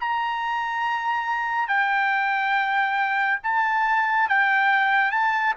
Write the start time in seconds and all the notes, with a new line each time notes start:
0.00 A#5
1.68 G5
3.43 A5
4.29 G5
5.11 A5